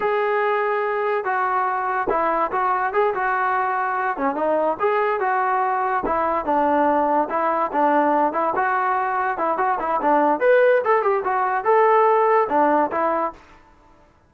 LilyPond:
\new Staff \with { instrumentName = "trombone" } { \time 4/4 \tempo 4 = 144 gis'2. fis'4~ | fis'4 e'4 fis'4 gis'8 fis'8~ | fis'2 cis'8 dis'4 gis'8~ | gis'8 fis'2 e'4 d'8~ |
d'4. e'4 d'4. | e'8 fis'2 e'8 fis'8 e'8 | d'4 b'4 a'8 g'8 fis'4 | a'2 d'4 e'4 | }